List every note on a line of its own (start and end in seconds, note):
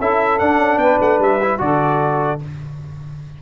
0.00 0.40 C#4
0.00 0.40 E4
0.00 0.80 A4
0.00 0.39 E5
0.39 1.40 D4
0.39 0.57 D4
0.39 0.78 F#5
0.57 0.77 C#4
0.77 0.97 B3
0.77 1.61 B4
0.77 0.99 G5
1.00 1.19 A3
1.00 1.21 F#5
1.19 1.59 G3
1.19 1.60 E5
1.42 1.58 E4
1.58 2.41 D3
1.58 2.38 F#4
1.58 2.42 A4
1.58 2.41 D5